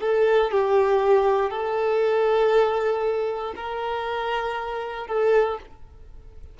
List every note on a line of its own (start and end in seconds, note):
0.00 0.51 A4
0.51 1.50 G4
1.50 3.54 A4
3.55 5.07 A#4
5.07 5.58 A4